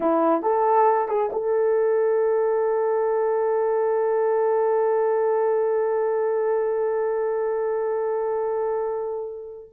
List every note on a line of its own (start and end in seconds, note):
0.00 0.42 E4
0.42 1.08 A4
1.08 1.30 G#4
1.32 9.70 A4